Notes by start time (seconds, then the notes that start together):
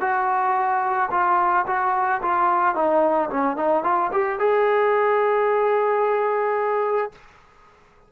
0.00 F#4
1.11 F4
1.66 F#4
2.22 F4
2.75 D#4
3.30 C#4
3.56 D#4
3.83 F4
4.12 G4
4.39 G#4